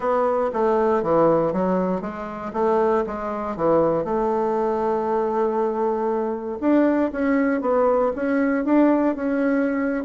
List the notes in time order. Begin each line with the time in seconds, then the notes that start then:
0.00 B3
0.53 A3
1.03 E3
1.53 F#3
2.01 G#3
2.53 A3
3.06 G#3
3.56 E3
4.04 A3
6.60 D4
7.12 C#4
7.61 B3
8.15 C#4
8.64 D4
9.15 C#4